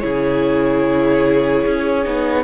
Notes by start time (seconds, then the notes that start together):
0.00 C#3 E4 G#4 C#5
1.66 C#4
2.04 B3 D#4